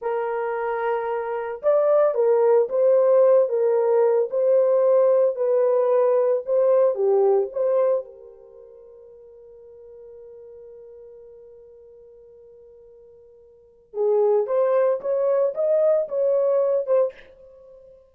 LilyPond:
\new Staff \with { instrumentName = "horn" } { \time 4/4 \tempo 4 = 112 ais'2. d''4 | ais'4 c''4. ais'4. | c''2 b'2 | c''4 g'4 c''4 ais'4~ |
ais'1~ | ais'1~ | ais'2 gis'4 c''4 | cis''4 dis''4 cis''4. c''8 | }